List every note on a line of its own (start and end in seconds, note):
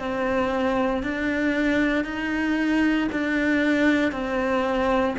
0.00 1.03 C4
1.03 2.05 D4
2.05 3.08 D#4
3.12 4.12 D4
4.12 5.15 C4